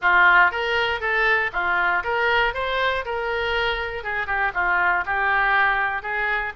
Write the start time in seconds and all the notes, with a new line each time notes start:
0.01 F4
0.51 A#4
1.00 A4
1.52 F4
2.03 A#4
2.54 C5
3.05 A#4
4.03 G#4
4.27 G4
4.54 F4
5.05 G4
6.02 G#4